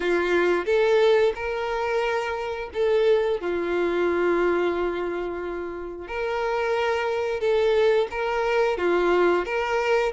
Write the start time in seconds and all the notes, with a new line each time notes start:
0.00 F4
0.65 A4
1.35 A#4
2.73 A4
3.40 F4
6.07 A#4
7.40 A4
8.11 A#4
8.77 F4
9.45 A#4